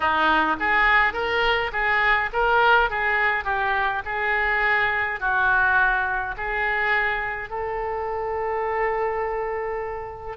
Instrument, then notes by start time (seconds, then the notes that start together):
oboe
0.00 D#4
0.59 G#4
1.13 A#4
1.72 G#4
2.32 A#4
2.90 G#4
3.44 G4
4.05 G#4
5.19 F#4
6.37 G#4
7.49 A4